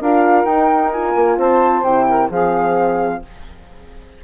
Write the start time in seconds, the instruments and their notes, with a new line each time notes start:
0.00 bassoon D4, horn F4, saxophone A#4, flute F5
0.45 bassoon D#4, horn D#4, flute G5
0.92 horn F4, flute G#5
1.16 bassoon A#3
1.37 bassoon C4, saxophone C5, flute A5
1.83 bassoon C3, horn E4, flute G5
2.09 saxophone A#4
2.30 bassoon F3, horn C4, saxophone G#4, flute F5